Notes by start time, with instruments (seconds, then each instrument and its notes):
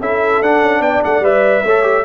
0.00 tuba C#4, trombone E4, horn A4, trumpet E5
0.41 tuba D4, trombone D4, trumpet F#5
0.61 tuba C#4
0.80 tuba B3, horn D5, trumpet G5
1.04 tuba A3, trumpet F#5
1.20 tuba G3, trombone B4, trumpet E5
1.64 tuba A3, trombone A4, horn C#5
1.83 trombone G4